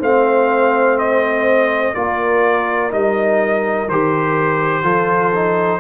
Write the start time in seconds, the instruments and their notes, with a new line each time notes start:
0.00 tuba A3, trombone C4, horn C5, trumpet F5
0.99 trumpet D#5
1.94 tuba A#3, trombone F4, horn A#4, trumpet D5
2.91 tuba G3, trombone D#4, trumpet D#5
3.89 tuba D#3, trombone G4, trumpet C5
4.83 tuba F3, trombone F4, horn A4
5.35 trombone D#4